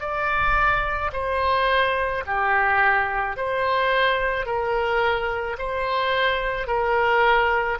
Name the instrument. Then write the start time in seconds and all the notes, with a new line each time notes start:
oboe
0.00 D5
1.13 C5
2.26 G4
3.37 C5
4.46 A#4
5.59 C5
6.67 A#4